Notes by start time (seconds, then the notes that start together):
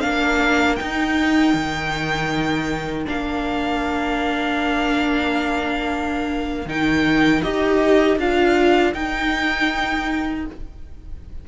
0.00 A#3 D4 A#4 F5
0.75 D#4 G5
1.53 D#3
3.05 A#3 D4 F5
6.65 D#3 D#4 G5
7.41 D#4 G4 D#5
8.17 D4 F4 F5
8.93 D#4 G5